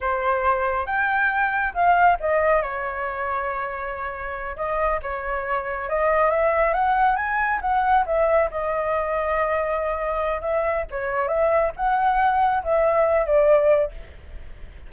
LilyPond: \new Staff \with { instrumentName = "flute" } { \time 4/4 \tempo 4 = 138 c''2 g''2 | f''4 dis''4 cis''2~ | cis''2~ cis''8 dis''4 cis''8~ | cis''4. dis''4 e''4 fis''8~ |
fis''8 gis''4 fis''4 e''4 dis''8~ | dis''1 | e''4 cis''4 e''4 fis''4~ | fis''4 e''4. d''4. | }